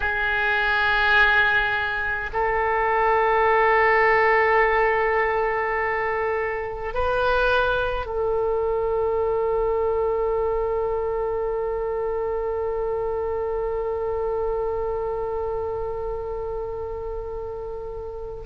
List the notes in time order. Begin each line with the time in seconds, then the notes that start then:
0.00 G#4
2.33 A4
6.93 B4
8.06 A4